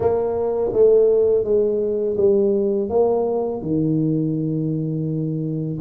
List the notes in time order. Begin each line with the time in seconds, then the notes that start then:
0.00 A#3
0.72 A3
1.44 G#3
2.17 G3
2.89 A#3
3.61 D#3